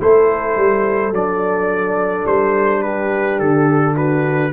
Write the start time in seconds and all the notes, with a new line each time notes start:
0.00 A3 E4 A4 C5
0.56 G3
1.11 F#3 D4 D5
2.26 G3 C5
2.83 G4 B4
3.39 D3 A4
3.95 F#4 B4